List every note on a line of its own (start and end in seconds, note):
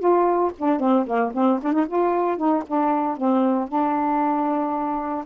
0.00 0.52 F4
0.59 0.80 D4
0.80 1.06 C4
1.07 1.33 A#3
1.35 1.61 C4
1.63 1.73 D4
1.73 1.86 D#4
1.88 2.38 F4
2.38 2.64 D#4
2.67 3.18 D4
3.18 3.69 C4
3.69 5.25 D4